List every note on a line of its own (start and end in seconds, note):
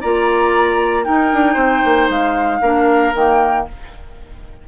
0.00 1.07 A#3
0.00 1.04 F4
0.00 1.04 D5
0.00 1.04 A#5
1.04 2.61 D#4
1.04 1.33 D#4
1.04 1.53 A#4
1.04 2.08 G5
1.33 1.55 D4
1.53 1.82 C4
1.53 2.57 C5
1.84 2.08 A#3
2.08 2.61 G#3
2.08 3.15 F5
2.61 3.13 A#3
2.61 3.14 D4
2.61 3.66 A#4
3.14 3.66 D#3
3.14 3.67 A#3
3.14 3.67 G5